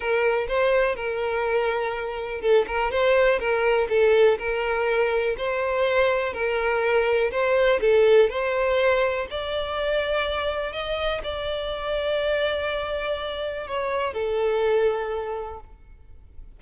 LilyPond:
\new Staff \with { instrumentName = "violin" } { \time 4/4 \tempo 4 = 123 ais'4 c''4 ais'2~ | ais'4 a'8 ais'8 c''4 ais'4 | a'4 ais'2 c''4~ | c''4 ais'2 c''4 |
a'4 c''2 d''4~ | d''2 dis''4 d''4~ | d''1 | cis''4 a'2. | }